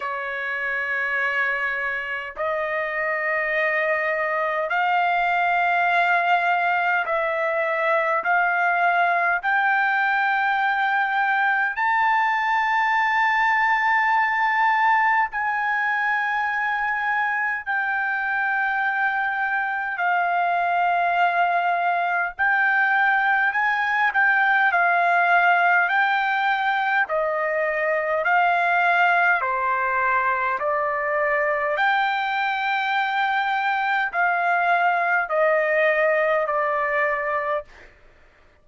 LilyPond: \new Staff \with { instrumentName = "trumpet" } { \time 4/4 \tempo 4 = 51 cis''2 dis''2 | f''2 e''4 f''4 | g''2 a''2~ | a''4 gis''2 g''4~ |
g''4 f''2 g''4 | gis''8 g''8 f''4 g''4 dis''4 | f''4 c''4 d''4 g''4~ | g''4 f''4 dis''4 d''4 | }